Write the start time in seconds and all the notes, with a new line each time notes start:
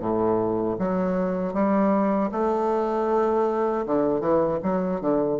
0.00 A2
0.79 F#3
1.54 G3
2.32 A3
3.87 D3
4.21 E3
4.63 F#3
5.01 D3